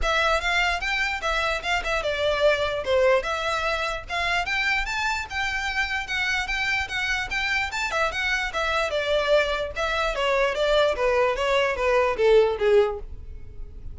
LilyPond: \new Staff \with { instrumentName = "violin" } { \time 4/4 \tempo 4 = 148 e''4 f''4 g''4 e''4 | f''8 e''8 d''2 c''4 | e''2 f''4 g''4 | a''4 g''2 fis''4 |
g''4 fis''4 g''4 a''8 e''8 | fis''4 e''4 d''2 | e''4 cis''4 d''4 b'4 | cis''4 b'4 a'4 gis'4 | }